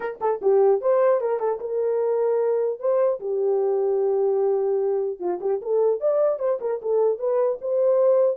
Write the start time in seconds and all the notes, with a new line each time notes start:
0.00 A#4
0.20 A4
0.41 G4
0.81 C5
1.20 A#4
1.39 A4
1.60 A#4
2.79 C5
3.20 G4
5.19 F4
5.41 G4
5.61 A4
6.00 D5
6.39 C5
6.60 A#4
6.81 A4
7.19 B4
7.61 C5